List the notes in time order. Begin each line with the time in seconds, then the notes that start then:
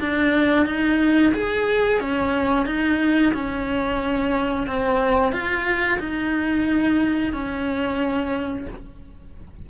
0.00 D4
0.66 D#4
1.34 G#4
2.01 C#4
2.66 D#4
3.34 C#4
4.67 C4
5.32 F4
6.00 D#4
7.33 C#4